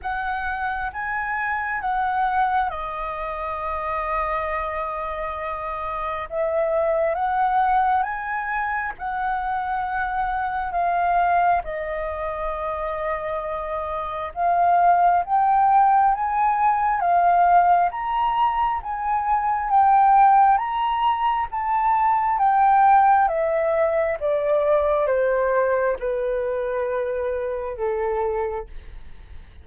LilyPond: \new Staff \with { instrumentName = "flute" } { \time 4/4 \tempo 4 = 67 fis''4 gis''4 fis''4 dis''4~ | dis''2. e''4 | fis''4 gis''4 fis''2 | f''4 dis''2. |
f''4 g''4 gis''4 f''4 | ais''4 gis''4 g''4 ais''4 | a''4 g''4 e''4 d''4 | c''4 b'2 a'4 | }